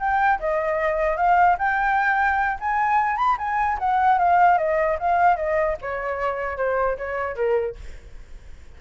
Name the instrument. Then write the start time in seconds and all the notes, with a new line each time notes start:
flute
0.00 G5
0.40 D#5
1.17 F5
1.59 G5
2.61 G#5
3.17 B5
3.38 G#5
3.79 F#5
4.19 F5
4.58 D#5
5.00 F5
5.37 D#5
5.82 C#5
6.58 C5
6.98 C#5
7.36 A#4